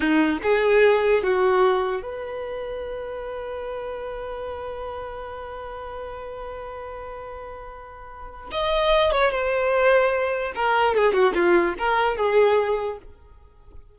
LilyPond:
\new Staff \with { instrumentName = "violin" } { \time 4/4 \tempo 4 = 148 dis'4 gis'2 fis'4~ | fis'4 b'2.~ | b'1~ | b'1~ |
b'1~ | b'4 dis''4. cis''8 c''4~ | c''2 ais'4 gis'8 fis'8 | f'4 ais'4 gis'2 | }